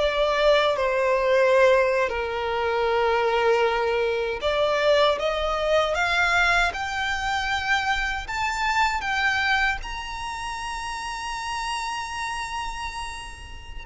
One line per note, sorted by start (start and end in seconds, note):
0.00 0.77 D5
0.77 2.10 C5
2.10 4.41 A#4
4.42 5.19 D5
5.19 5.95 D#5
5.95 6.72 F5
6.74 8.28 G5
8.28 9.01 A5
9.01 9.78 G5
9.83 13.86 A#5